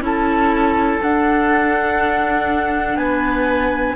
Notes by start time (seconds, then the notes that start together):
0.00 C#4 E4 A4 A5
1.02 D4 F#5
2.96 B3 B4 G#5